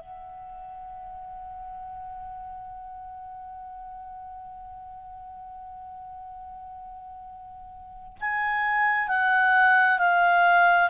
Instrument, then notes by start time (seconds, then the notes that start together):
clarinet
0.00 F#5
8.21 G#5
9.08 F#5
9.99 F5